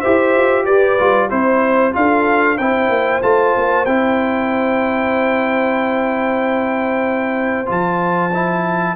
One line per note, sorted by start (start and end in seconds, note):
0.00 0.36 E4
0.00 0.98 G4
0.00 0.64 C5
0.00 0.64 E5
0.36 0.67 F4
0.65 0.99 G4
0.65 1.29 B4
0.65 1.29 D5
0.98 1.31 G3
0.98 1.30 F4
1.30 1.95 C4
1.30 1.93 E4
1.30 1.93 C5
1.30 1.94 C5
1.93 2.59 D4
1.93 2.57 F4
1.93 2.60 A4
1.93 2.57 F5
2.57 2.89 C4
2.57 3.22 E4
2.57 8.95 C5
2.57 3.21 G5
2.89 3.21 A#3
3.22 3.55 A3
3.22 3.86 F4
3.22 3.85 A5
3.57 3.86 A#3
3.85 7.69 C4
3.85 7.66 E4
3.85 7.68 G5
7.66 8.95 F3
7.66 8.30 F4
7.66 8.95 A5
8.33 8.95 E4